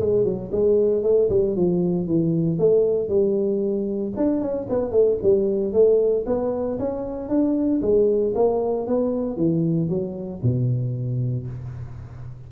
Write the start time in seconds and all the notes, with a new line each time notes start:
0.00 G#3
0.24 F#3
0.52 G#3
1.02 A3
1.29 G3
1.56 F3
2.07 E3
2.58 A3
3.08 G3
4.16 D4
4.41 C#4
4.69 B3
4.91 A3
5.22 G3
5.73 A3
6.26 B3
6.79 C#4
7.29 D4
7.81 G#3
8.35 A#3
8.87 B3
9.36 E3
9.89 F#3
10.42 B2